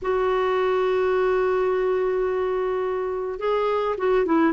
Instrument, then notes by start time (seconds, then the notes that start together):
clarinet
0.02 F#4
3.39 G#4
3.97 F#4
4.25 E4